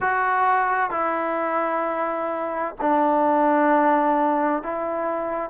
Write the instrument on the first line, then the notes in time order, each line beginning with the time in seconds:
trombone
0.00 F#4
0.90 E4
2.80 D4
4.62 E4